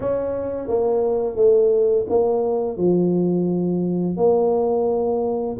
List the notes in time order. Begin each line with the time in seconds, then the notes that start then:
0.00 C#4
0.68 A#3
1.36 A3
2.09 A#3
2.77 F3
4.16 A#3